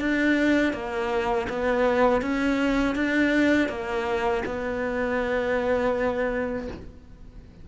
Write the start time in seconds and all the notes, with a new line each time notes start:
0.00 D4
0.73 A#3
1.49 B3
2.22 C#4
2.95 D4
3.69 A#3
4.45 B3